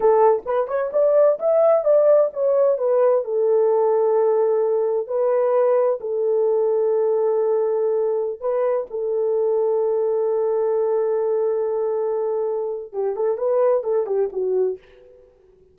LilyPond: \new Staff \with { instrumentName = "horn" } { \time 4/4 \tempo 4 = 130 a'4 b'8 cis''8 d''4 e''4 | d''4 cis''4 b'4 a'4~ | a'2. b'4~ | b'4 a'2.~ |
a'2~ a'16 b'4 a'8.~ | a'1~ | a'1 | g'8 a'8 b'4 a'8 g'8 fis'4 | }